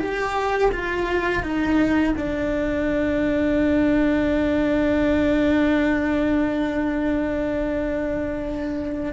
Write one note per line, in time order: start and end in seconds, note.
0.00 0.72 G4
0.72 1.43 F4
1.43 2.15 D#4
2.17 9.14 D4